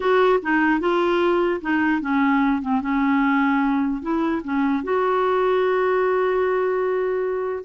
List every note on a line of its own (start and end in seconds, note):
0.00 0.39 F#4
0.42 0.80 D#4
0.80 1.60 F4
1.61 2.01 D#4
2.01 2.61 C#4
2.61 2.81 C4
2.81 4.01 C#4
4.01 4.42 E4
4.44 4.83 C#4
4.83 7.64 F#4